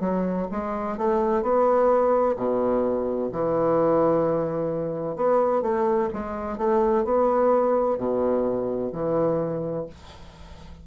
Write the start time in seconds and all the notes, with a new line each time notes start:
0.00 F#3
0.51 G#3
0.98 A3
1.42 B3
2.37 B2
3.32 E3
5.16 B3
5.62 A3
6.14 G#3
6.58 A3
7.04 B3
7.98 B2
8.93 E3